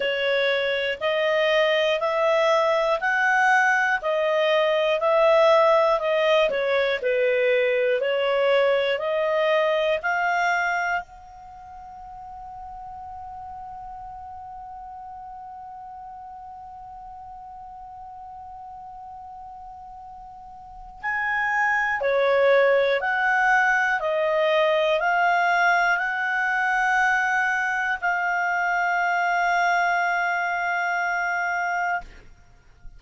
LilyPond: \new Staff \with { instrumentName = "clarinet" } { \time 4/4 \tempo 4 = 60 cis''4 dis''4 e''4 fis''4 | dis''4 e''4 dis''8 cis''8 b'4 | cis''4 dis''4 f''4 fis''4~ | fis''1~ |
fis''1~ | fis''4 gis''4 cis''4 fis''4 | dis''4 f''4 fis''2 | f''1 | }